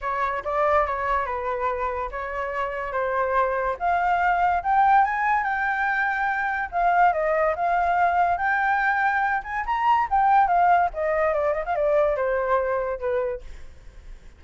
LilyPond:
\new Staff \with { instrumentName = "flute" } { \time 4/4 \tempo 4 = 143 cis''4 d''4 cis''4 b'4~ | b'4 cis''2 c''4~ | c''4 f''2 g''4 | gis''4 g''2. |
f''4 dis''4 f''2 | g''2~ g''8 gis''8 ais''4 | g''4 f''4 dis''4 d''8 dis''16 f''16 | d''4 c''2 b'4 | }